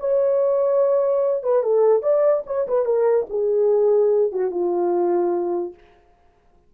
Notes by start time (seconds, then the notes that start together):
0.00 C#5
1.43 B4
1.63 A4
2.03 D5
2.47 C#5
2.68 B4
2.86 A#4
3.30 G#4
4.32 F#4
4.51 F4